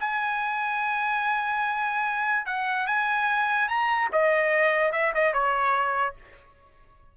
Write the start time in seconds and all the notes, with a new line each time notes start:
0.00 G#5
2.46 F#5
2.87 G#5
3.69 A#5
4.12 D#5
4.92 E5
5.15 D#5
5.33 C#5